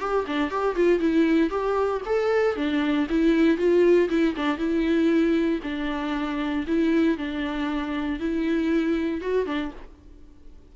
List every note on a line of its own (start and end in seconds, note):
0.00 0.26 G4
0.27 0.51 D4
0.51 0.76 G4
0.76 1.00 F4
1.00 1.51 E4
1.51 2.02 G4
2.06 2.56 A4
2.56 3.08 D4
3.10 3.58 E4
3.58 4.09 F4
4.10 4.35 E4
4.36 4.58 D4
4.58 5.61 E4
5.63 6.66 D4
6.68 7.18 E4
7.18 8.20 D4
8.20 9.22 E4
9.22 9.46 F#4
9.46 9.72 D4